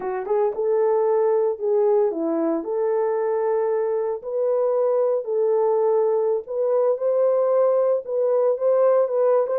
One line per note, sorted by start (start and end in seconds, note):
0.00 0.26 F#4
0.26 0.52 G#4
0.55 1.58 A4
1.58 2.11 G#4
2.11 2.64 E4
2.64 4.22 A4
4.22 5.24 B4
5.24 6.42 A4
6.46 6.97 B4
6.97 8.03 C5
8.05 8.57 B4
8.57 9.08 C5
9.08 9.46 B4
9.46 9.58 C5